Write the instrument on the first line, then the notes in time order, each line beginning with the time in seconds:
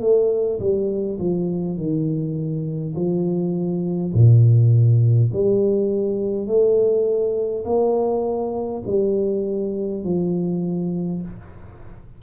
tuba
0.00 A3
0.59 G3
1.19 F3
1.76 D#3
2.95 F3
4.13 A#2
5.33 G3
6.47 A3
7.65 A#3
8.86 G3
10.04 F3